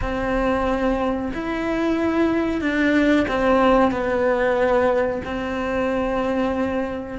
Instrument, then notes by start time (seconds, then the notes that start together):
cello
0.01 C4
1.33 E4
2.61 D4
3.28 C4
3.91 B3
5.24 C4